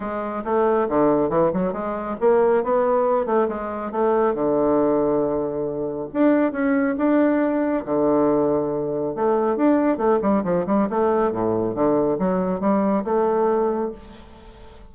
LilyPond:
\new Staff \with { instrumentName = "bassoon" } { \time 4/4 \tempo 4 = 138 gis4 a4 d4 e8 fis8 | gis4 ais4 b4. a8 | gis4 a4 d2~ | d2 d'4 cis'4 |
d'2 d2~ | d4 a4 d'4 a8 g8 | f8 g8 a4 a,4 d4 | fis4 g4 a2 | }